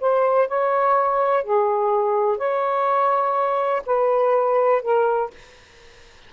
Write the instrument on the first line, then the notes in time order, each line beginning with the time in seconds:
saxophone
0.00 C5
0.48 C#5
1.43 G#4
2.37 C#5
3.86 B4
4.82 A#4